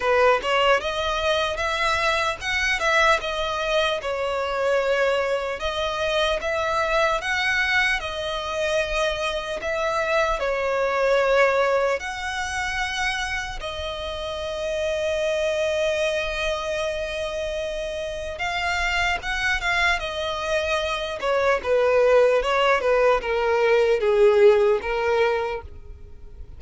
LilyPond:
\new Staff \with { instrumentName = "violin" } { \time 4/4 \tempo 4 = 75 b'8 cis''8 dis''4 e''4 fis''8 e''8 | dis''4 cis''2 dis''4 | e''4 fis''4 dis''2 | e''4 cis''2 fis''4~ |
fis''4 dis''2.~ | dis''2. f''4 | fis''8 f''8 dis''4. cis''8 b'4 | cis''8 b'8 ais'4 gis'4 ais'4 | }